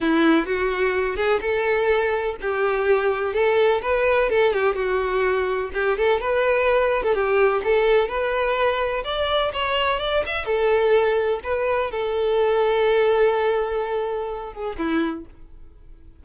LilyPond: \new Staff \with { instrumentName = "violin" } { \time 4/4 \tempo 4 = 126 e'4 fis'4. gis'8 a'4~ | a'4 g'2 a'4 | b'4 a'8 g'8 fis'2 | g'8 a'8 b'4.~ b'16 a'16 g'4 |
a'4 b'2 d''4 | cis''4 d''8 e''8 a'2 | b'4 a'2.~ | a'2~ a'8 gis'8 e'4 | }